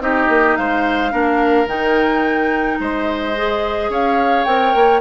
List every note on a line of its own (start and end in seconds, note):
0.00 0.28 C4
0.00 1.11 D#4
0.00 0.58 G4
0.00 0.56 D#5
0.29 0.56 A#3
0.56 1.12 G#3
0.56 1.12 C5
0.56 1.67 F5
1.11 1.66 A#3
1.11 1.66 D4
1.11 2.79 A#4
1.66 2.78 D#3
1.66 3.34 D#4
1.66 2.79 G5
2.80 3.89 G#3
2.80 3.91 C5
2.80 3.92 D#5
3.36 4.46 G#4
3.89 4.45 C#4
3.89 5.01 C#5
3.89 4.45 F5
4.45 4.74 C4
4.45 5.01 A#4
4.45 5.00 G5
4.75 5.01 A#3